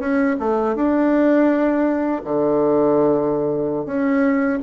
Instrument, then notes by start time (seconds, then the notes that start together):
bassoon
0.00 C#4
0.40 A3
0.76 D4
2.25 D3
3.86 C#4